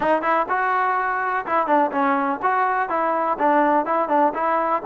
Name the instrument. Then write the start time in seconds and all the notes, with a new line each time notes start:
trombone
0.00 D#4
0.22 E4
0.48 F#4
1.45 E4
1.66 D4
1.91 C#4
2.42 F#4
2.89 E4
3.38 D4
3.85 E4
4.08 D4
4.34 E4